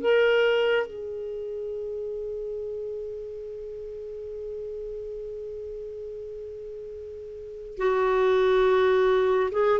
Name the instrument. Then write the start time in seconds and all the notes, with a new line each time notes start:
clarinet
0.00 A#4
0.87 G#4
7.77 F#4
9.51 G#4